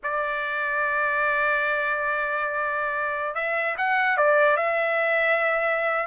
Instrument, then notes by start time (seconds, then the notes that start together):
trumpet
0.03 D5
3.34 E5
3.77 F#5
4.17 D5
4.56 E5